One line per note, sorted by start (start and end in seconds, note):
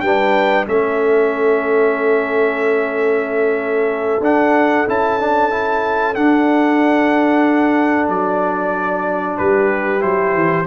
0.00 0.66 G3
0.00 0.66 D4
0.00 0.68 B4
0.00 0.65 G5
0.66 4.19 A3
0.66 4.21 C#4
0.66 9.39 A4
0.66 4.23 E5
4.19 4.84 D4
4.19 4.87 D4
4.19 4.88 F#5
4.87 6.16 C#4
4.87 5.19 E4
4.87 6.14 A5
5.19 5.50 D4
5.50 6.14 E4
6.14 10.00 D4
6.14 8.08 D4
6.14 8.08 F#5
8.08 9.37 F#3
8.08 9.37 D5
9.37 10.02 G3
9.37 10.67 G4
9.37 10.01 B4
10.00 10.34 F#3
10.00 10.64 E4
10.00 10.66 C5
10.34 10.66 E3